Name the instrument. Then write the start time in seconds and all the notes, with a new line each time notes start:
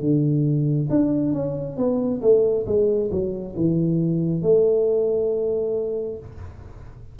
tuba
0.00 D3
0.90 D4
1.33 C#4
1.77 B3
2.21 A3
2.66 G#3
3.11 F#3
3.56 E3
4.42 A3